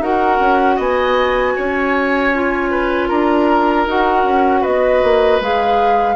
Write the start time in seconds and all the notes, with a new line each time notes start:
0.00 D#4 F#4 A#4 F#5
0.41 C#4
0.76 B3 D#5 G#5
1.57 C#4 C#5
2.34 F4
2.71 B4
3.09 D4 A#4 A#5
3.87 D#4 F#4 F#5
4.25 C#4
4.62 B3 B4 D#5
5.04 A#3
5.41 G#3 G#4 F5